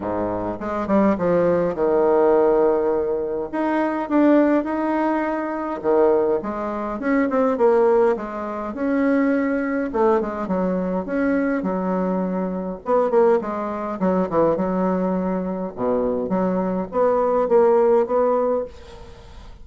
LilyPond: \new Staff \with { instrumentName = "bassoon" } { \time 4/4 \tempo 4 = 103 gis,4 gis8 g8 f4 dis4~ | dis2 dis'4 d'4 | dis'2 dis4 gis4 | cis'8 c'8 ais4 gis4 cis'4~ |
cis'4 a8 gis8 fis4 cis'4 | fis2 b8 ais8 gis4 | fis8 e8 fis2 b,4 | fis4 b4 ais4 b4 | }